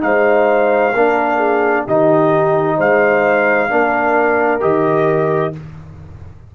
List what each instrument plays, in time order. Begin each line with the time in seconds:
0.00 tuba G#3, trombone D#4, horn C5, trumpet F5
0.93 tuba A#3, trombone D4, horn A#4
1.37 horn G#4
1.85 tuba D#3, trombone D#4, horn G4, trumpet D#5
2.77 tuba G#3, horn C5, trumpet F5
3.69 tuba A#3, trombone D4, horn A#4
4.60 tuba D#3, trombone G4, trumpet D#5